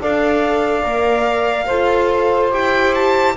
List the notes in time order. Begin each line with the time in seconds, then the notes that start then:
0.00 D4 A4 D5 F5
0.83 A#3 A#4
1.65 F4 A4 C5
2.51 E4 G4 G5
2.94 A5